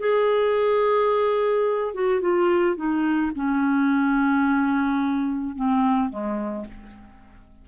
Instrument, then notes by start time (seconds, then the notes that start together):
clarinet
0.00 G#4
1.94 F#4
2.21 F4
2.76 D#4
3.36 C#4
5.56 C4
6.10 G#3